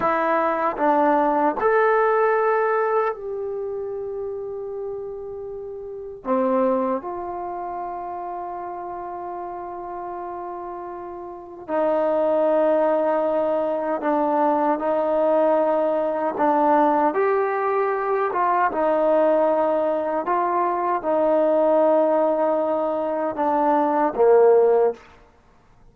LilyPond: \new Staff \with { instrumentName = "trombone" } { \time 4/4 \tempo 4 = 77 e'4 d'4 a'2 | g'1 | c'4 f'2.~ | f'2. dis'4~ |
dis'2 d'4 dis'4~ | dis'4 d'4 g'4. f'8 | dis'2 f'4 dis'4~ | dis'2 d'4 ais4 | }